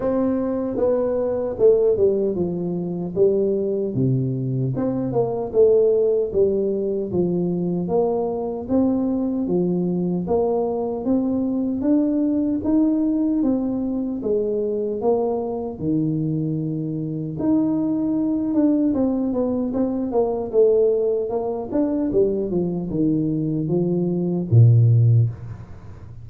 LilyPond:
\new Staff \with { instrumentName = "tuba" } { \time 4/4 \tempo 4 = 76 c'4 b4 a8 g8 f4 | g4 c4 c'8 ais8 a4 | g4 f4 ais4 c'4 | f4 ais4 c'4 d'4 |
dis'4 c'4 gis4 ais4 | dis2 dis'4. d'8 | c'8 b8 c'8 ais8 a4 ais8 d'8 | g8 f8 dis4 f4 ais,4 | }